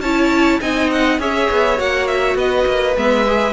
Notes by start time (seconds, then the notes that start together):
0.00 C#4 E4 C#5 A5
0.60 C4 D#4 D#5 G#5
0.90 F#5
1.19 C#4 G#4 C#5 E5
1.50 B3
1.76 A#3 F#4 F#5
2.07 E5
2.34 B3 B4 D#5
2.66 A#3
2.96 G#3 B3 E5
3.26 G#4